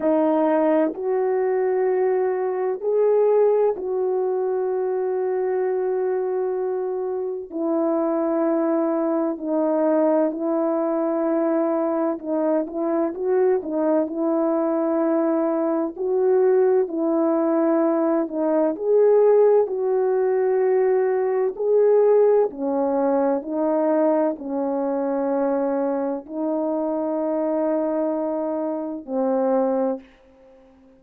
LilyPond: \new Staff \with { instrumentName = "horn" } { \time 4/4 \tempo 4 = 64 dis'4 fis'2 gis'4 | fis'1 | e'2 dis'4 e'4~ | e'4 dis'8 e'8 fis'8 dis'8 e'4~ |
e'4 fis'4 e'4. dis'8 | gis'4 fis'2 gis'4 | cis'4 dis'4 cis'2 | dis'2. c'4 | }